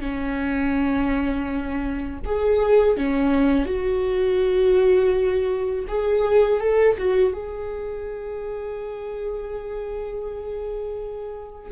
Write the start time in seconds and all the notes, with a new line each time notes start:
0.00 C#4
2.25 G#4
2.97 C#4
3.66 F#4
5.88 G#4
6.60 A4
6.98 F#4
7.33 G#4